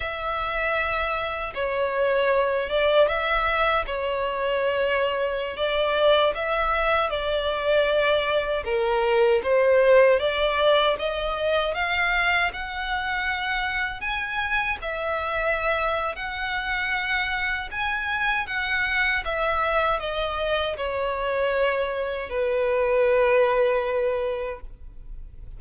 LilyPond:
\new Staff \with { instrumentName = "violin" } { \time 4/4 \tempo 4 = 78 e''2 cis''4. d''8 | e''4 cis''2~ cis''16 d''8.~ | d''16 e''4 d''2 ais'8.~ | ais'16 c''4 d''4 dis''4 f''8.~ |
f''16 fis''2 gis''4 e''8.~ | e''4 fis''2 gis''4 | fis''4 e''4 dis''4 cis''4~ | cis''4 b'2. | }